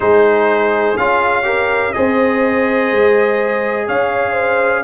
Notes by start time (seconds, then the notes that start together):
0.00 G#3 D#4 G#4 C5
0.97 C#4 F4 F5
1.43 G4 A#4
1.93 C4 G#4 C5 D#5
2.91 G#3
3.87 C#4 C#5 F5
4.31 C5